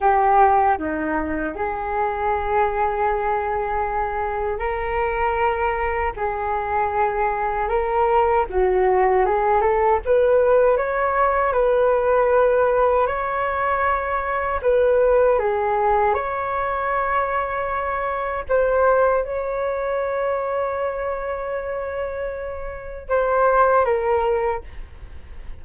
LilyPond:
\new Staff \with { instrumentName = "flute" } { \time 4/4 \tempo 4 = 78 g'4 dis'4 gis'2~ | gis'2 ais'2 | gis'2 ais'4 fis'4 | gis'8 a'8 b'4 cis''4 b'4~ |
b'4 cis''2 b'4 | gis'4 cis''2. | c''4 cis''2.~ | cis''2 c''4 ais'4 | }